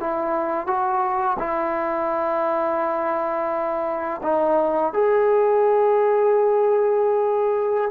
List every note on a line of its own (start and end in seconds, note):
0.00 0.67 E4
0.67 1.37 F#4
1.39 4.21 E4
4.23 4.93 D#4
4.93 7.91 G#4